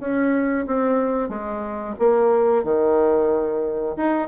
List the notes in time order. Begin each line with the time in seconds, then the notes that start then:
0.00 C#4
0.67 C4
1.29 G#3
1.99 A#3
2.64 D#3
3.97 D#4